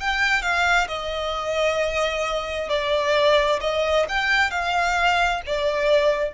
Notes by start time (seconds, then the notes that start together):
0.00 G5
0.43 F5
0.88 D#5
2.69 D5
3.61 D#5
4.09 G5
4.51 F5
5.46 D5